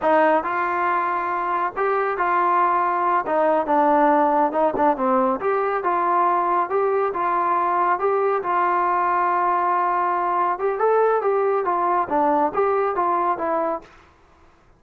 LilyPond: \new Staff \with { instrumentName = "trombone" } { \time 4/4 \tempo 4 = 139 dis'4 f'2. | g'4 f'2~ f'8 dis'8~ | dis'8 d'2 dis'8 d'8 c'8~ | c'8 g'4 f'2 g'8~ |
g'8 f'2 g'4 f'8~ | f'1~ | f'8 g'8 a'4 g'4 f'4 | d'4 g'4 f'4 e'4 | }